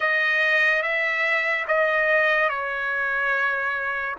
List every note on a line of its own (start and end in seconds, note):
0.00 0.82 D#5
0.82 1.65 E5
1.67 2.48 D#5
2.48 4.15 C#5